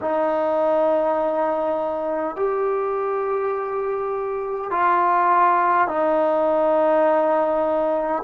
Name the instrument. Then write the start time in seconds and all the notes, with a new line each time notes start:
trombone
0.01 D#4
2.36 G4
4.71 F4
5.87 D#4